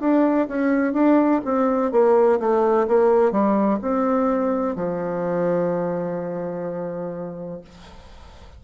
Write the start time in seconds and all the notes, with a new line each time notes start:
0.00 D4
0.48 C#4
0.93 D4
1.45 C4
1.92 A#3
2.39 A3
2.87 A#3
3.31 G3
3.81 C4
4.75 F3